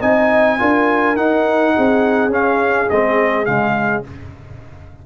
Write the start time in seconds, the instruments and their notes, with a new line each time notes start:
0.00 tuba C4, trombone D#4, horn D#5, trumpet G#5
0.59 tuba D4, trombone F4, horn A#4
1.16 tuba D#4, trombone D#4, trumpet F#5
1.75 tuba C4, horn G#4
2.28 tuba C#4, trombone C#4, trumpet F5
2.90 tuba G#3, trombone C4, trumpet D#5
3.45 tuba C#3, trombone G#3, trumpet F5